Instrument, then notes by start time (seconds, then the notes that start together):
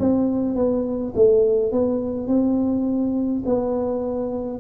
tuba
0.00 C4
0.56 B3
1.16 A3
1.73 B3
2.28 C4
3.46 B3